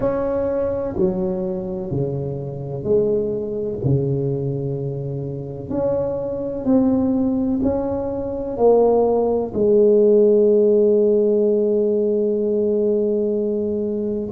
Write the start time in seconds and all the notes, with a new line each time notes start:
0.00 C#4
0.97 F#3
1.90 C#3
2.83 G#3
3.84 C#3
5.69 C#4
6.64 C4
7.62 C#4
8.57 A#3
9.54 G#3